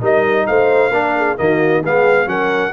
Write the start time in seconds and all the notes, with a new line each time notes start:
0.00 G3 D#4 A#4 D#5
0.46 A3 C5 F5
0.89 A#3 D4 A#4
1.16 G#4
1.37 D#3 A#3 F#4 D#5
1.83 G#3 B3 G#4 F5
2.25 F#3 C#4 A#4 F#5